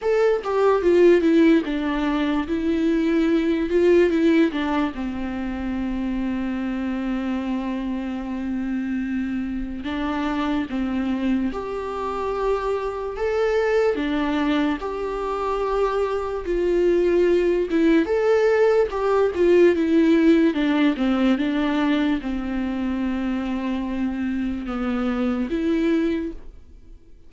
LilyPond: \new Staff \with { instrumentName = "viola" } { \time 4/4 \tempo 4 = 73 a'8 g'8 f'8 e'8 d'4 e'4~ | e'8 f'8 e'8 d'8 c'2~ | c'1 | d'4 c'4 g'2 |
a'4 d'4 g'2 | f'4. e'8 a'4 g'8 f'8 | e'4 d'8 c'8 d'4 c'4~ | c'2 b4 e'4 | }